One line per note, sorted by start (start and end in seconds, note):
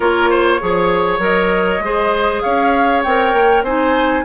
0.00 0.60 A#3
0.00 0.60 F4
0.00 0.29 A#4
0.00 1.21 C#5
0.29 0.60 C5
0.60 1.18 F3
0.60 1.19 G#4
0.60 1.84 C#5
1.18 1.79 F#3
1.18 1.80 A#4
1.18 2.41 D#5
1.79 2.40 G#3
1.79 3.05 G#4
1.79 2.42 C5
2.41 3.04 C#4
2.41 3.64 C#5
2.41 3.01 F5
3.03 3.33 C4
3.03 3.66 A#4
3.03 3.63 G5
3.33 3.62 A#3
3.62 4.23 C4
3.62 4.24 D#4
3.62 4.24 C5
3.62 4.24 G#5